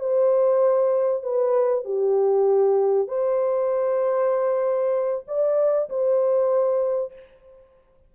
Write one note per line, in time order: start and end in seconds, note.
0.00 1.23 C5
1.23 1.85 B4
1.85 3.08 G4
3.08 5.24 C5
5.27 5.89 D5
5.90 7.13 C5